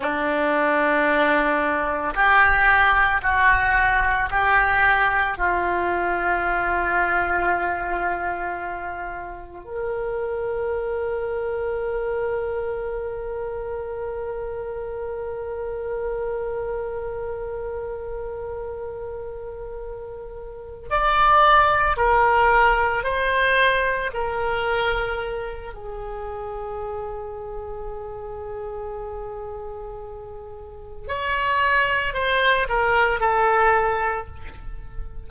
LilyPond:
\new Staff \with { instrumentName = "oboe" } { \time 4/4 \tempo 4 = 56 d'2 g'4 fis'4 | g'4 f'2.~ | f'4 ais'2.~ | ais'1~ |
ais'2.~ ais'8 d''8~ | d''8 ais'4 c''4 ais'4. | gis'1~ | gis'4 cis''4 c''8 ais'8 a'4 | }